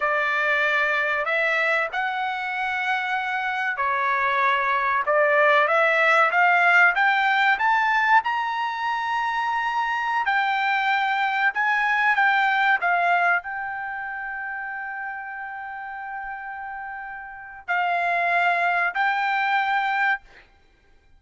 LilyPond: \new Staff \with { instrumentName = "trumpet" } { \time 4/4 \tempo 4 = 95 d''2 e''4 fis''4~ | fis''2 cis''2 | d''4 e''4 f''4 g''4 | a''4 ais''2.~ |
ais''16 g''2 gis''4 g''8.~ | g''16 f''4 g''2~ g''8.~ | g''1 | f''2 g''2 | }